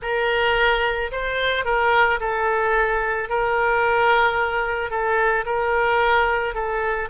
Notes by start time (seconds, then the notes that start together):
0.01 A#4
1.11 C5
1.65 A#4
2.20 A4
3.29 A#4
4.90 A4
5.45 A#4
6.54 A4